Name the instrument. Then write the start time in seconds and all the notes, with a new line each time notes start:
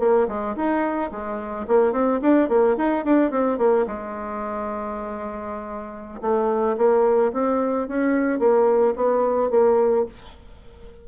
bassoon
0.00 A#3
0.28 G#3
0.56 D#4
1.12 G#3
1.68 A#3
1.93 C4
2.22 D4
2.49 A#3
2.77 D#4
3.06 D4
3.32 C4
3.58 A#3
3.87 G#3
6.22 A3
6.78 A#3
7.33 C4
7.88 C#4
8.40 A#3
8.96 B3
9.51 A#3